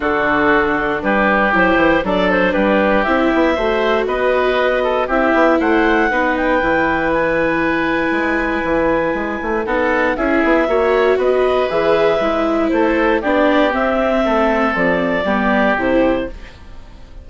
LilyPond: <<
  \new Staff \with { instrumentName = "clarinet" } { \time 4/4 \tempo 4 = 118 a'2 b'4 c''4 | d''8 c''8 b'4 e''2 | dis''2 e''4 fis''4~ | fis''8 g''4. gis''2~ |
gis''2. fis''4 | e''2 dis''4 e''4~ | e''4 c''4 d''4 e''4~ | e''4 d''2 c''4 | }
  \new Staff \with { instrumentName = "oboe" } { \time 4/4 fis'2 g'2 | a'4 g'2 c''4 | b'4. a'8 g'4 c''4 | b'1~ |
b'2. a'4 | gis'4 cis''4 b'2~ | b'4 a'4 g'2 | a'2 g'2 | }
  \new Staff \with { instrumentName = "viola" } { \time 4/4 d'2. e'4 | d'2 e'4 fis'4~ | fis'2 e'2 | dis'4 e'2.~ |
e'2. dis'4 | e'4 fis'2 gis'4 | e'2 d'4 c'4~ | c'2 b4 e'4 | }
  \new Staff \with { instrumentName = "bassoon" } { \time 4/4 d2 g4 fis8 e8 | fis4 g4 c'8 b8 a4 | b2 c'8 b8 a4 | b4 e2. |
gis4 e4 gis8 a8 b4 | cis'8 b8 ais4 b4 e4 | gis4 a4 b4 c'4 | a4 f4 g4 c4 | }
>>